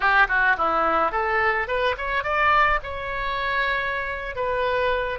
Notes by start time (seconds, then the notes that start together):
0.00 G4
0.28 F#4
0.57 E4
1.11 A4
1.67 B4
1.97 C#5
2.23 D5
2.83 C#5
4.35 B4